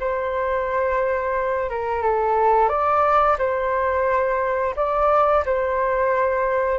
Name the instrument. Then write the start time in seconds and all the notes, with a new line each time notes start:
flute
0.00 C5
1.70 A#4
2.03 A4
2.69 D5
3.38 C5
4.76 D5
5.46 C5